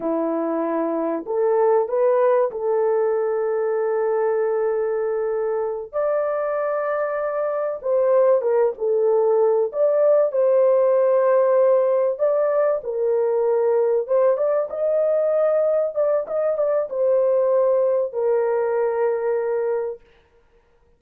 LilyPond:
\new Staff \with { instrumentName = "horn" } { \time 4/4 \tempo 4 = 96 e'2 a'4 b'4 | a'1~ | a'4. d''2~ d''8~ | d''8 c''4 ais'8 a'4. d''8~ |
d''8 c''2. d''8~ | d''8 ais'2 c''8 d''8 dis''8~ | dis''4. d''8 dis''8 d''8 c''4~ | c''4 ais'2. | }